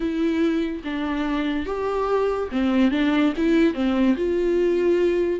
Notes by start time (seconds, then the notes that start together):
0.00 E4
0.84 D4
1.66 G4
2.52 C4
2.91 D4
3.36 E4
3.73 C4
4.17 F4